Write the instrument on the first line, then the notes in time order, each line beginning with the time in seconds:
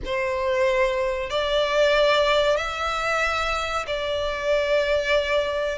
violin
0.05 C5
1.30 D5
2.57 E5
3.87 D5